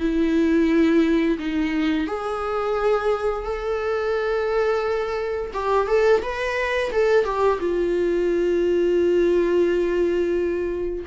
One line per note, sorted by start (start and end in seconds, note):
0.00 1.38 E4
1.39 2.07 D#4
2.07 3.45 G#4
3.45 5.52 A4
5.54 5.87 G4
5.87 6.22 A4
6.22 6.91 B4
6.92 7.24 A4
7.24 7.59 G4
7.60 11.05 F4